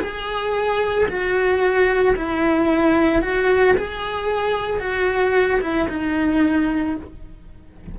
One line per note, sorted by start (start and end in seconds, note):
0.00 1.07 G#4
1.08 2.15 F#4
2.16 3.22 E4
3.22 3.75 F#4
3.77 4.80 G#4
4.80 5.60 F#4
5.61 5.88 E4
5.89 6.96 D#4